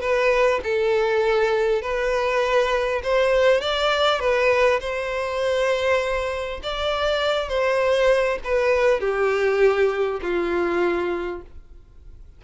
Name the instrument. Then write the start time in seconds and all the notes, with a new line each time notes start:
violin
0.00 B4
0.63 A4
1.81 B4
3.03 C5
3.61 D5
4.19 B4
4.80 C5
6.63 D5
7.48 C5
8.44 B4
9.00 G4
10.22 F4